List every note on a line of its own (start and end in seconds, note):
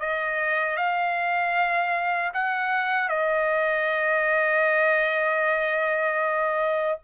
0.00 0.77 D#5
0.77 2.32 F5
2.34 3.09 F#5
3.09 6.98 D#5